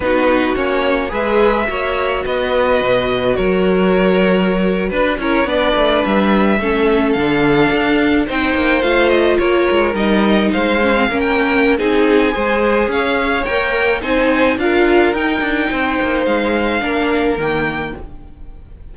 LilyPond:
<<
  \new Staff \with { instrumentName = "violin" } { \time 4/4 \tempo 4 = 107 b'4 cis''4 e''2 | dis''2 cis''2~ | cis''8. b'8 cis''8 d''4 e''4~ e''16~ | e''8. f''2 g''4 f''16~ |
f''16 dis''8 cis''4 dis''4 f''4~ f''16 | g''4 gis''2 f''4 | g''4 gis''4 f''4 g''4~ | g''4 f''2 g''4 | }
  \new Staff \with { instrumentName = "violin" } { \time 4/4 fis'2 b'4 cis''4 | b'2 ais'2~ | ais'8. b'8 ais'8 b'2 a'16~ | a'2~ a'8. c''4~ c''16~ |
c''8. ais'2 c''4 ais'16~ | ais'4 gis'4 c''4 cis''4~ | cis''4 c''4 ais'2 | c''2 ais'2 | }
  \new Staff \with { instrumentName = "viola" } { \time 4/4 dis'4 cis'4 gis'4 fis'4~ | fis'1~ | fis'4~ fis'16 e'8 d'2 cis'16~ | cis'8. d'2 dis'4 f'16~ |
f'4.~ f'16 dis'4. cis'16 c'16 cis'16~ | cis'4 dis'4 gis'2 | ais'4 dis'4 f'4 dis'4~ | dis'2 d'4 ais4 | }
  \new Staff \with { instrumentName = "cello" } { \time 4/4 b4 ais4 gis4 ais4 | b4 b,4 fis2~ | fis8. d'8 cis'8 b8 a8 g4 a16~ | a8. d4 d'4 c'8 ais8 a16~ |
a8. ais8 gis8 g4 gis4 ais16~ | ais4 c'4 gis4 cis'4 | ais4 c'4 d'4 dis'8 d'8 | c'8 ais8 gis4 ais4 dis4 | }
>>